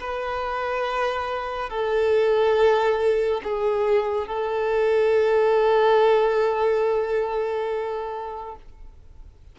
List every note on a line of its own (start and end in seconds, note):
0.00 1.69 B4
1.69 3.41 A4
3.43 4.27 G#4
4.27 8.56 A4